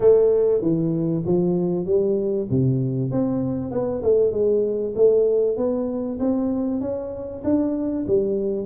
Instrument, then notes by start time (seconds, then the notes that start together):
tuba
0.00 A3
0.61 E3
1.25 F3
1.85 G3
2.50 C3
3.11 C4
3.71 B3
4.02 A3
4.31 G#3
4.95 A3
5.57 B3
6.19 C4
6.80 C#4
7.43 D4
8.07 G3